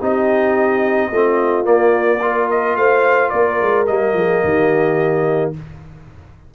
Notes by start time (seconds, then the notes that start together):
0.00 C4 D#4 G4 D#5
1.11 A3 C4 F4
1.65 A#3 D5
2.22 F4 A#4
2.51 D#5
2.76 A3 C5 F5
3.30 A#3 A#4 D5
3.62 G#3
3.87 G3 A#3 D#5
4.14 F3 G#4
4.44 D#3 G4